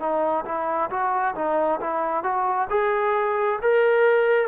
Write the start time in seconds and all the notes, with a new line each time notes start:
0.00 D#4
0.46 E4
0.90 F#4
1.36 D#4
1.81 E4
2.23 F#4
2.70 G#4
3.62 A#4